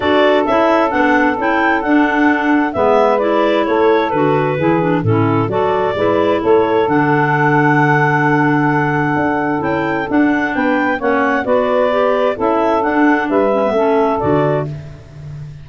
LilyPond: <<
  \new Staff \with { instrumentName = "clarinet" } { \time 4/4 \tempo 4 = 131 d''4 e''4 fis''4 g''4 | fis''2 e''4 d''4 | cis''4 b'2 a'4 | d''2 cis''4 fis''4~ |
fis''1~ | fis''4 g''4 fis''4 g''4 | fis''4 d''2 e''4 | fis''4 e''2 d''4 | }
  \new Staff \with { instrumentName = "saxophone" } { \time 4/4 a'1~ | a'2 b'2 | a'2 gis'4 e'4 | a'4 b'4 a'2~ |
a'1~ | a'2. b'4 | cis''4 b'2 a'4~ | a'4 b'4 a'2 | }
  \new Staff \with { instrumentName = "clarinet" } { \time 4/4 fis'4 e'4 d'4 e'4 | d'2 b4 e'4~ | e'4 fis'4 e'8 d'8 cis'4 | fis'4 e'2 d'4~ |
d'1~ | d'4 e'4 d'2 | cis'4 fis'4 g'4 e'4 | d'4. cis'16 b16 cis'4 fis'4 | }
  \new Staff \with { instrumentName = "tuba" } { \time 4/4 d'4 cis'4 b4 cis'4 | d'2 gis2 | a4 d4 e4 a,4 | fis4 gis4 a4 d4~ |
d1 | d'4 cis'4 d'4 b4 | ais4 b2 cis'4 | d'4 g4 a4 d4 | }
>>